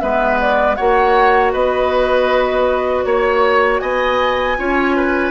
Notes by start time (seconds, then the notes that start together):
0.00 G#3 B3 B4 E5
0.40 D5
0.75 A#3 F#4 C#5 F#5
1.52 B3 B4 D#5
3.04 A#3 C#5
3.79 B3 D#5 G#5
4.57 C#4 F4 C#5
4.96 B4